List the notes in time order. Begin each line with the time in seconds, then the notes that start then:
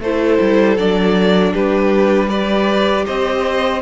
0.00 A3 E4 A4 C5
0.40 G3
0.77 F#3 D4 D5
1.53 G3 G4 B4
2.28 G4 B4 D5
3.06 C4 C5 D#5